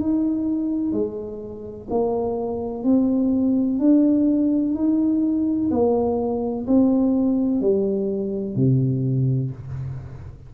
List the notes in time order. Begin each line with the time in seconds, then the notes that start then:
0.00 D#4
0.92 G#3
1.90 A#3
2.84 C4
3.79 D4
4.75 D#4
5.71 A#3
6.67 C4
7.61 G3
8.55 C3